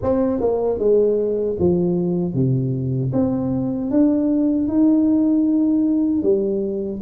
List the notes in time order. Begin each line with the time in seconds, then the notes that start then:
0.02 C4
0.40 A#3
0.78 G#3
1.59 F3
2.34 C3
3.12 C4
3.90 D4
4.68 D#4
6.22 G3